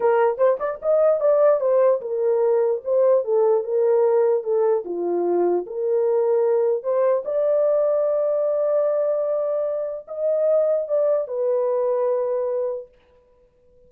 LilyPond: \new Staff \with { instrumentName = "horn" } { \time 4/4 \tempo 4 = 149 ais'4 c''8 d''8 dis''4 d''4 | c''4 ais'2 c''4 | a'4 ais'2 a'4 | f'2 ais'2~ |
ais'4 c''4 d''2~ | d''1~ | d''4 dis''2 d''4 | b'1 | }